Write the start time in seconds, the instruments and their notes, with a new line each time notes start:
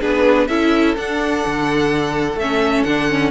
0.00 cello B3, viola D4, violin G#4 B4
0.47 cello C#4, viola E4, violin A4 E5
0.96 viola D4, cello D4, violin F#5
1.46 cello D3
2.35 cello A3, viola C#4, violin E5
2.84 cello D3, viola D4, violin F#5
3.09 viola C#4